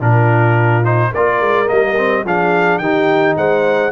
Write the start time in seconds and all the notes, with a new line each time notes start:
0.00 A#2 D4 F4 A#4
0.83 D#4 C5
1.10 A#3 F4 A#4 D5
1.40 G#3
1.66 G3 A#3 D#5
1.97 C4
2.24 F3 D4 G#4 F5
2.78 D#3 D#4 G4 G5
3.36 G#3 C5 F#5